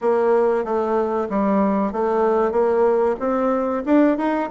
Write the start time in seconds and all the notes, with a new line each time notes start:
0.01 A#3
0.64 A3
1.29 G3
1.92 A3
2.51 A#3
3.19 C4
3.85 D4
4.17 D#4